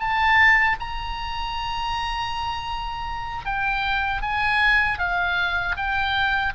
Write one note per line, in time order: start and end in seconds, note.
0.00 0.77 A5
0.80 3.46 A#5
3.46 4.22 G5
4.22 4.99 G#5
4.99 5.76 F5
5.77 6.54 G5